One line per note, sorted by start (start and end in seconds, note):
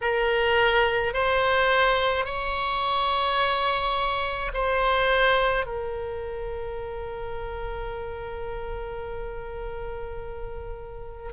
0.01 1.13 A#4
1.13 2.25 C5
2.25 4.51 C#5
4.53 5.66 C5
5.66 11.32 A#4